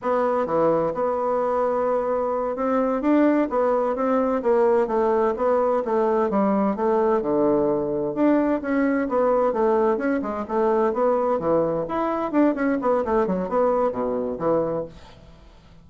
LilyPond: \new Staff \with { instrumentName = "bassoon" } { \time 4/4 \tempo 4 = 129 b4 e4 b2~ | b4. c'4 d'4 b8~ | b8 c'4 ais4 a4 b8~ | b8 a4 g4 a4 d8~ |
d4. d'4 cis'4 b8~ | b8 a4 cis'8 gis8 a4 b8~ | b8 e4 e'4 d'8 cis'8 b8 | a8 fis8 b4 b,4 e4 | }